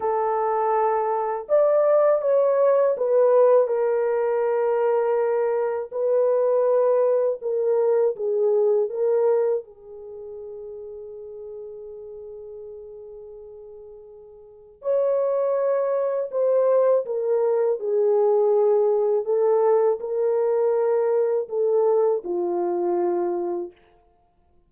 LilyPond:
\new Staff \with { instrumentName = "horn" } { \time 4/4 \tempo 4 = 81 a'2 d''4 cis''4 | b'4 ais'2. | b'2 ais'4 gis'4 | ais'4 gis'2.~ |
gis'1 | cis''2 c''4 ais'4 | gis'2 a'4 ais'4~ | ais'4 a'4 f'2 | }